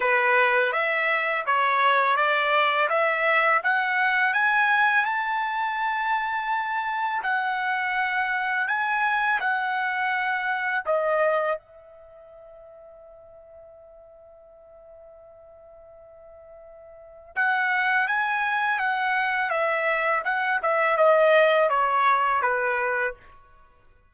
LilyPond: \new Staff \with { instrumentName = "trumpet" } { \time 4/4 \tempo 4 = 83 b'4 e''4 cis''4 d''4 | e''4 fis''4 gis''4 a''4~ | a''2 fis''2 | gis''4 fis''2 dis''4 |
e''1~ | e''1 | fis''4 gis''4 fis''4 e''4 | fis''8 e''8 dis''4 cis''4 b'4 | }